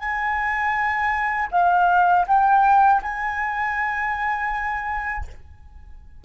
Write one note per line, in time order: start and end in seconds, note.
0.00 1.48 G#5
1.52 2.26 F5
2.28 3.02 G5
3.03 5.25 G#5